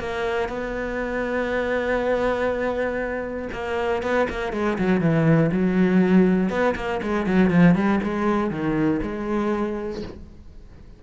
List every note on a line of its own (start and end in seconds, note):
0.00 0.49 A#3
0.49 3.49 B3
3.53 4.03 A#3
4.03 4.28 B3
4.29 4.53 A#3
4.53 4.78 G#3
4.78 5.01 F#3
5.01 5.51 E3
5.52 6.50 F#3
6.50 6.75 B3
6.76 7.01 A#3
7.03 7.27 G#3
7.27 7.50 F#3
7.50 7.75 F3
7.75 8.00 G3
8.03 8.51 G#3
8.51 9.01 D#3
9.03 10.03 G#3